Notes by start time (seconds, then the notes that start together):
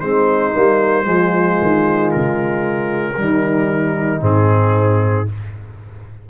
0.00 G#3 C4 D#4 C5
0.54 G3 A#3
1.04 F3 G#3 F4
1.62 D#3
2.11 C#3 A#4
3.17 D#3 G3 D#4
4.21 G#2 C4 G#4